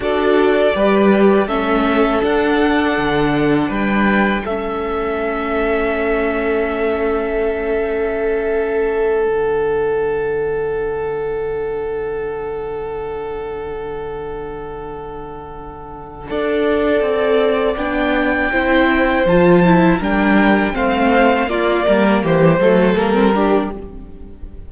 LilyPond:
<<
  \new Staff \with { instrumentName = "violin" } { \time 4/4 \tempo 4 = 81 d''2 e''4 fis''4~ | fis''4 g''4 e''2~ | e''1~ | e''8 fis''2.~ fis''8~ |
fis''1~ | fis''1 | g''2 a''4 g''4 | f''4 d''4 c''4 ais'4 | }
  \new Staff \with { instrumentName = "violin" } { \time 4/4 a'4 b'4 a'2~ | a'4 b'4 a'2~ | a'1~ | a'1~ |
a'1~ | a'2 d''2~ | d''4 c''2 ais'4 | c''4 f'8 ais'8 g'8 a'4 g'8 | }
  \new Staff \with { instrumentName = "viola" } { \time 4/4 fis'4 g'4 cis'4 d'4~ | d'2 cis'2~ | cis'1~ | cis'8 d'2.~ d'8~ |
d'1~ | d'2 a'2 | d'4 e'4 f'8 e'8 d'4 | c'4 ais4. a8 ais16 c'16 d'8 | }
  \new Staff \with { instrumentName = "cello" } { \time 4/4 d'4 g4 a4 d'4 | d4 g4 a2~ | a1~ | a8 d2.~ d8~ |
d1~ | d2 d'4 c'4 | b4 c'4 f4 g4 | a4 ais8 g8 e8 fis8 g4 | }
>>